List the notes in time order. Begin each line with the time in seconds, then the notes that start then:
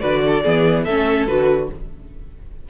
0.00 D3 F#4 B4 D5
0.27 A4
0.44 E3 B3 G#4
0.84 A3 C#4 A4 E5
1.27 D3 F#4 B4